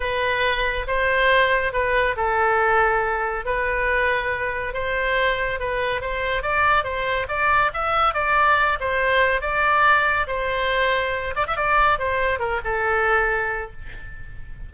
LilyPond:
\new Staff \with { instrumentName = "oboe" } { \time 4/4 \tempo 4 = 140 b'2 c''2 | b'4 a'2. | b'2. c''4~ | c''4 b'4 c''4 d''4 |
c''4 d''4 e''4 d''4~ | d''8 c''4. d''2 | c''2~ c''8 d''16 e''16 d''4 | c''4 ais'8 a'2~ a'8 | }